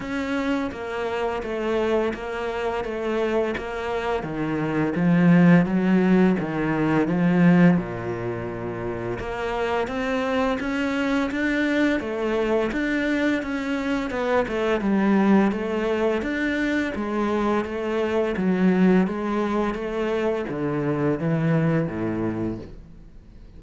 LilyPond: \new Staff \with { instrumentName = "cello" } { \time 4/4 \tempo 4 = 85 cis'4 ais4 a4 ais4 | a4 ais4 dis4 f4 | fis4 dis4 f4 ais,4~ | ais,4 ais4 c'4 cis'4 |
d'4 a4 d'4 cis'4 | b8 a8 g4 a4 d'4 | gis4 a4 fis4 gis4 | a4 d4 e4 a,4 | }